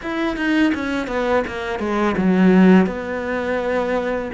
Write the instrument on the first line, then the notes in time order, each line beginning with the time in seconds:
cello
0.02 E4
0.36 D#4
0.74 C#4
1.07 B3
1.47 A#3
1.79 G#3
2.17 F#3
2.86 B3